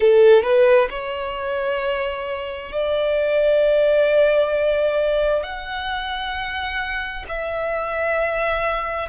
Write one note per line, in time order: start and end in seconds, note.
0.00 0.43 A4
0.43 0.88 B4
0.90 2.71 C#5
2.71 5.43 D5
5.43 7.25 F#5
7.28 9.09 E5